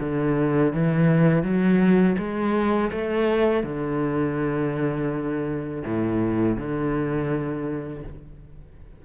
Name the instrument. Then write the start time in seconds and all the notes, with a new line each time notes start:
cello
0.00 D3
0.73 E3
1.43 F#3
2.18 G#3
2.92 A3
3.64 D3
5.84 A2
6.57 D3